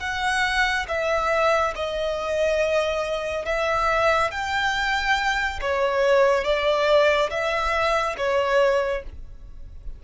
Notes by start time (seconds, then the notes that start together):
0.00 F#5
0.88 E5
1.76 D#5
3.46 E5
4.31 G5
5.61 C#5
6.44 D5
7.30 E5
8.17 C#5